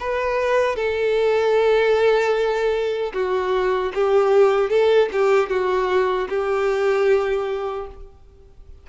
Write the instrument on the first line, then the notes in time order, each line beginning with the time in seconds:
violin
0.00 B4
0.76 A4
3.13 F#4
3.94 G4
4.70 A4
5.12 G4
5.49 F#4
6.29 G4